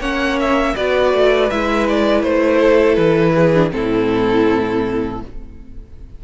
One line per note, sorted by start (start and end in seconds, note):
0.00 0.75 A#3
0.00 0.75 C#4
0.00 0.74 C#5
0.00 0.39 F#5
0.40 0.76 E5
0.75 1.14 B3
0.75 1.51 F#4
0.75 2.59 B4
0.75 1.50 D5
1.14 1.51 A3
1.50 2.23 G#3
1.50 3.55 E4
1.50 1.87 E5
1.88 2.23 D5
2.23 2.97 A3
2.23 2.95 C5
2.59 3.33 A4
2.95 3.72 E3
2.95 3.69 B4
3.35 3.72 G#4
3.55 3.71 D4
3.71 5.22 A2
3.71 5.19 C4
3.71 5.25 E4
3.71 5.21 A4